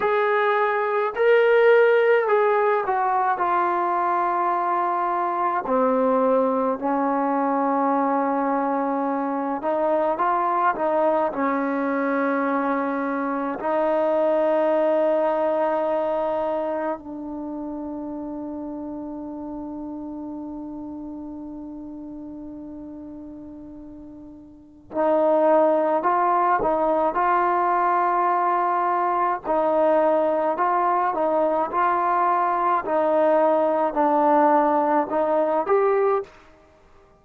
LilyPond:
\new Staff \with { instrumentName = "trombone" } { \time 4/4 \tempo 4 = 53 gis'4 ais'4 gis'8 fis'8 f'4~ | f'4 c'4 cis'2~ | cis'8 dis'8 f'8 dis'8 cis'2 | dis'2. d'4~ |
d'1~ | d'2 dis'4 f'8 dis'8 | f'2 dis'4 f'8 dis'8 | f'4 dis'4 d'4 dis'8 g'8 | }